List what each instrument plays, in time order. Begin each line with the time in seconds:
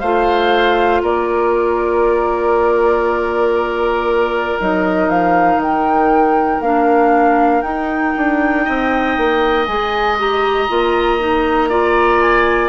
0.00 bassoon A3, clarinet F4, oboe C5, flute F5
1.02 bassoon A#3, oboe A#4, flute D5
4.60 bassoon F#3, clarinet D#4, flute D#5
5.09 bassoon F3, flute F5
5.56 bassoon D#3, flute G5
6.61 bassoon A#3, clarinet D4, flute F5
7.62 bassoon D#4, clarinet D#4, flute G5
8.17 bassoon D4
8.65 bassoon C4, oboe D#5
9.17 bassoon A#3
9.66 bassoon G#3, clarinet G#4, flute G#5
10.19 clarinet G4, flute A#5
10.69 bassoon A#3, clarinet F4
11.19 clarinet D#4
11.69 clarinet F4, oboe D5
12.22 flute G#5